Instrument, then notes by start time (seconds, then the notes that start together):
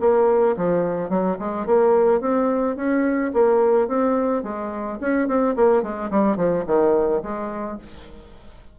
bassoon
0.00 A#3
0.56 F3
1.09 F#3
1.38 G#3
1.66 A#3
2.20 C4
2.76 C#4
3.33 A#3
3.87 C4
4.43 G#3
5.00 C#4
5.27 C4
5.55 A#3
5.82 G#3
6.10 G3
6.36 F3
6.66 D#3
7.22 G#3